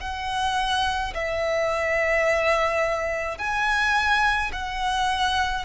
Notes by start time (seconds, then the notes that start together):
0.00 F#5
1.14 E5
3.38 G#5
4.52 F#5